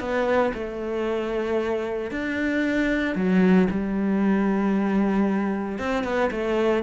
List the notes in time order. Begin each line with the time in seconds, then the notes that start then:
0.00 B3
0.54 A3
2.11 D4
3.16 F#3
3.71 G3
5.79 C4
6.04 B3
6.31 A3